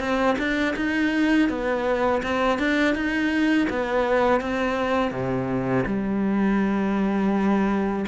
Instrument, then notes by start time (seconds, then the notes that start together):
cello
0.00 C4
0.39 D4
0.76 D#4
1.49 B3
2.23 C4
2.59 D4
2.95 D#4
3.70 B3
4.41 C4
5.12 C3
5.86 G3